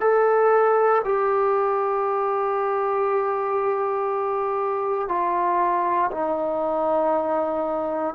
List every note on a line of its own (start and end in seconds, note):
0.00 1.02 A4
1.04 5.08 G4
5.08 6.10 F4
6.11 8.14 D#4